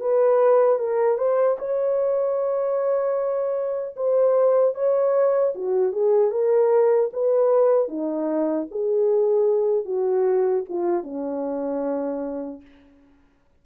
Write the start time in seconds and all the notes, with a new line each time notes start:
0.00 B4
0.79 A#4
1.17 C5
1.58 C#5
3.96 C5
4.74 C#5
5.55 F#4
5.92 G#4
6.31 A#4
7.13 B4
7.88 D#4
8.71 G#4
9.85 F#4
10.69 F4
11.03 C#4